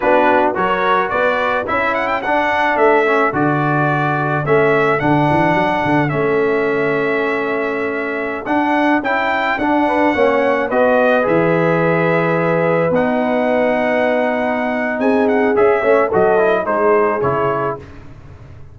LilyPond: <<
  \new Staff \with { instrumentName = "trumpet" } { \time 4/4 \tempo 4 = 108 b'4 cis''4 d''4 e''8 fis''16 g''16 | fis''4 e''4 d''2 | e''4 fis''2 e''4~ | e''2.~ e''16 fis''8.~ |
fis''16 g''4 fis''2 dis''8.~ | dis''16 e''2. fis''8.~ | fis''2. gis''8 fis''8 | e''4 dis''4 c''4 cis''4 | }
  \new Staff \with { instrumentName = "horn" } { \time 4/4 fis'4 ais'4 b'4 a'4~ | a'1~ | a'1~ | a'1~ |
a'4.~ a'16 b'8 cis''4 b'8.~ | b'1~ | b'2. gis'4~ | gis'8 cis''8 a'4 gis'2 | }
  \new Staff \with { instrumentName = "trombone" } { \time 4/4 d'4 fis'2 e'4 | d'4. cis'8 fis'2 | cis'4 d'2 cis'4~ | cis'2.~ cis'16 d'8.~ |
d'16 e'4 d'4 cis'4 fis'8.~ | fis'16 gis'2. dis'8.~ | dis'1 | gis'8 cis'8 fis'8 e'8 dis'4 e'4 | }
  \new Staff \with { instrumentName = "tuba" } { \time 4/4 b4 fis4 b4 cis'4 | d'4 a4 d2 | a4 d8 e8 fis8 d8 a4~ | a2.~ a16 d'8.~ |
d'16 cis'4 d'4 ais4 b8.~ | b16 e2. b8.~ | b2. c'4 | cis'8 a8 fis4 gis4 cis4 | }
>>